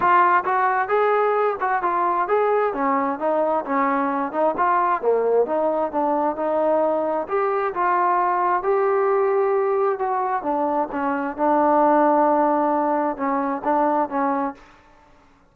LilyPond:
\new Staff \with { instrumentName = "trombone" } { \time 4/4 \tempo 4 = 132 f'4 fis'4 gis'4. fis'8 | f'4 gis'4 cis'4 dis'4 | cis'4. dis'8 f'4 ais4 | dis'4 d'4 dis'2 |
g'4 f'2 g'4~ | g'2 fis'4 d'4 | cis'4 d'2.~ | d'4 cis'4 d'4 cis'4 | }